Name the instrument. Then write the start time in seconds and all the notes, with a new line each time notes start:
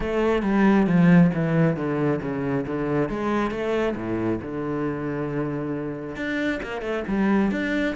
cello
0.00 A3
0.42 G3
0.86 F3
1.34 E3
1.76 D3
2.21 C#3
2.67 D3
3.09 G#3
3.50 A3
3.96 A2
4.41 D3
6.15 D4
6.63 A#3
6.81 A3
7.07 G3
7.51 D4